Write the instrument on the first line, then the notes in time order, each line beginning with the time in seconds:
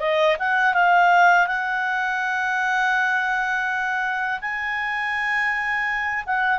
clarinet
0.00 D#5
0.39 F#5
0.74 F5
1.47 F#5
4.41 G#5
6.26 F#5